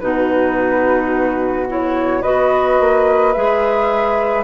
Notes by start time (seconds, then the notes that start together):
0.00 B2 D#4 F#4 B4
1.68 E4 C#5
2.22 B3 F#4 B4 D#5
2.80 A#3
3.34 G#3 G#4 E5